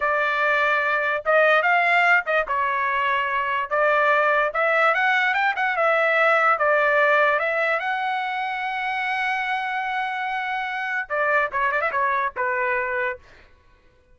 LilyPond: \new Staff \with { instrumentName = "trumpet" } { \time 4/4 \tempo 4 = 146 d''2. dis''4 | f''4. dis''8 cis''2~ | cis''4 d''2 e''4 | fis''4 g''8 fis''8 e''2 |
d''2 e''4 fis''4~ | fis''1~ | fis''2. d''4 | cis''8 d''16 e''16 cis''4 b'2 | }